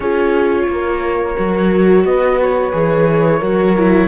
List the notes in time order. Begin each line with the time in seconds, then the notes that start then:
0.00 C#4 F4 G#4 C#5
0.67 A#3 A#4
1.36 F#3 F#4
2.04 B3 B4 D#5
2.42 C#5
2.71 E3 G#4
3.39 F#3 F#4 A#4
3.77 E4